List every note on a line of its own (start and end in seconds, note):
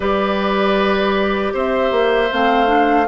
0.00 1.52 G3
0.00 2.29 G4
0.00 1.53 B4
0.00 1.54 D5
1.53 1.91 C4
1.53 3.07 C5
1.53 2.32 E5
1.91 2.29 A#3
2.31 3.07 A3
2.31 2.66 C4
2.31 3.07 F5
2.66 3.04 D4